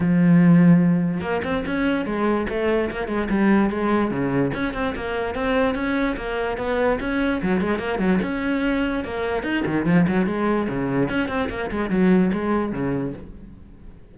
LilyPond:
\new Staff \with { instrumentName = "cello" } { \time 4/4 \tempo 4 = 146 f2. ais8 c'8 | cis'4 gis4 a4 ais8 gis8 | g4 gis4 cis4 cis'8 c'8 | ais4 c'4 cis'4 ais4 |
b4 cis'4 fis8 gis8 ais8 fis8 | cis'2 ais4 dis'8 dis8 | f8 fis8 gis4 cis4 cis'8 c'8 | ais8 gis8 fis4 gis4 cis4 | }